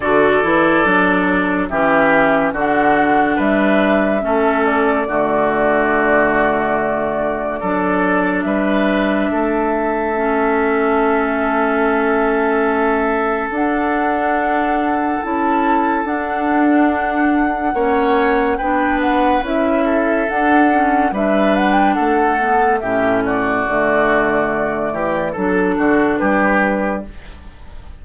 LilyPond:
<<
  \new Staff \with { instrumentName = "flute" } { \time 4/4 \tempo 4 = 71 d''2 e''4 fis''4 | e''4. d''2~ d''8~ | d''2 e''2~ | e''1 |
fis''2 a''4 fis''4~ | fis''2 g''8 fis''8 e''4 | fis''4 e''8 fis''16 g''16 fis''4 e''8 d''8~ | d''2 a'4 b'4 | }
  \new Staff \with { instrumentName = "oboe" } { \time 4/4 a'2 g'4 fis'4 | b'4 a'4 fis'2~ | fis'4 a'4 b'4 a'4~ | a'1~ |
a'1~ | a'4 cis''4 b'4. a'8~ | a'4 b'4 a'4 g'8 fis'8~ | fis'4. g'8 a'8 fis'8 g'4 | }
  \new Staff \with { instrumentName = "clarinet" } { \time 4/4 fis'8 e'8 d'4 cis'4 d'4~ | d'4 cis'4 a2~ | a4 d'2. | cis'1 |
d'2 e'4 d'4~ | d'4 cis'4 d'4 e'4 | d'8 cis'8 d'4. b8 cis'4 | a2 d'2 | }
  \new Staff \with { instrumentName = "bassoon" } { \time 4/4 d8 e8 fis4 e4 d4 | g4 a4 d2~ | d4 fis4 g4 a4~ | a1 |
d'2 cis'4 d'4~ | d'4 ais4 b4 cis'4 | d'4 g4 a4 a,4 | d4. e8 fis8 d8 g4 | }
>>